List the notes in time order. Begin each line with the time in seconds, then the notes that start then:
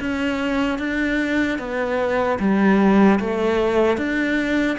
0.00 C#4
0.79 D4
1.59 B3
2.40 G3
3.20 A3
3.97 D4